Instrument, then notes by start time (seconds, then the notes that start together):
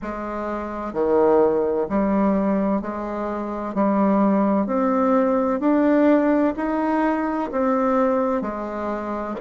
bassoon
0.02 G#3
0.93 D#3
1.89 G3
2.81 G#3
3.74 G3
4.66 C4
5.60 D4
6.56 D#4
7.51 C4
8.41 G#3